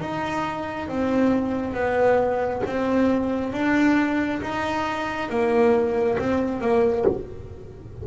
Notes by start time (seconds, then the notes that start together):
0.00 D#4
0.88 C4
1.74 B3
2.66 C4
3.53 D4
4.42 D#4
5.29 A#3
6.18 C4
6.60 A#3